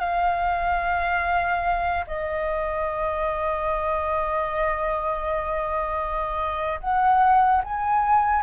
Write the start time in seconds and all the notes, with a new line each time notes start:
0.00 F5
2.07 D#5
6.80 F#5
7.64 G#5